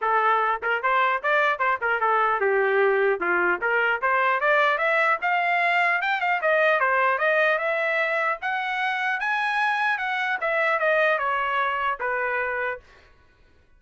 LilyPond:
\new Staff \with { instrumentName = "trumpet" } { \time 4/4 \tempo 4 = 150 a'4. ais'8 c''4 d''4 | c''8 ais'8 a'4 g'2 | f'4 ais'4 c''4 d''4 | e''4 f''2 g''8 f''8 |
dis''4 c''4 dis''4 e''4~ | e''4 fis''2 gis''4~ | gis''4 fis''4 e''4 dis''4 | cis''2 b'2 | }